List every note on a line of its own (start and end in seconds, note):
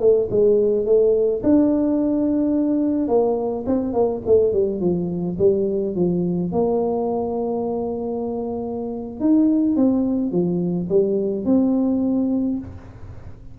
0.00 0.28 A3
0.30 0.85 G#3
0.85 1.42 A3
1.43 3.08 D4
3.08 3.65 A#3
3.66 3.93 C4
3.93 4.21 A#3
4.26 4.53 A3
4.53 4.80 G3
4.80 5.36 F3
5.38 5.95 G3
5.95 6.52 F3
6.52 9.20 A#3
9.20 9.76 D#4
9.76 10.31 C4
10.31 10.88 F3
10.89 11.45 G3
11.45 12.58 C4